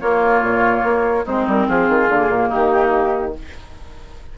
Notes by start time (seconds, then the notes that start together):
0.00 A#3 F4 C#5
0.42 A#2
0.83 A#3
1.25 G#3 C4 D#4 C5
1.47 G3 A#4
1.68 F3 F4 G#4
1.88 D#3
2.09 D3 A#3
2.28 A#2
2.48 D#3 D#4 G4